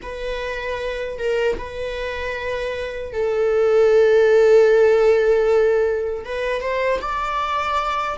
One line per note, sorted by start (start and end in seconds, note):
0.02 1.18 B4
1.18 1.57 A#4
1.58 3.12 B4
3.12 6.24 A4
6.24 6.61 B4
6.61 7.00 C5
7.01 8.18 D5